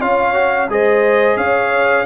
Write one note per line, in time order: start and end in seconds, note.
0.00 0.69 C#4
0.00 0.34 F4
0.00 0.68 C#5
0.00 0.69 F5
0.34 0.68 F#4
0.69 1.36 G#3
0.69 2.05 G#4
0.69 1.38 C5
0.69 1.37 D#5
1.36 2.04 C#4
1.36 2.05 C#5
1.36 2.05 F5